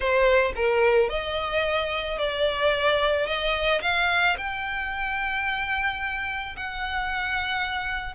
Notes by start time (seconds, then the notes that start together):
0.00 C5
0.55 A#4
1.09 D#5
2.18 D5
3.26 D#5
3.81 F5
4.37 G5
6.56 F#5